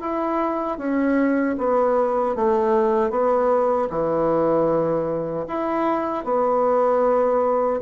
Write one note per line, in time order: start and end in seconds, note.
0.00 0.78 E4
0.78 1.55 C#4
1.58 2.35 B3
2.35 3.10 A3
3.10 3.88 B3
3.90 5.45 E3
5.47 6.24 E4
6.24 7.80 B3